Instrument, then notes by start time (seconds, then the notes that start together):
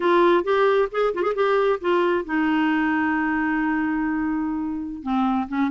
clarinet
0.00 F4
0.44 G4
0.91 G#4
1.14 F4
1.22 G#4
1.34 G4
1.80 F4
2.24 D#4
5.02 C4
5.48 C#4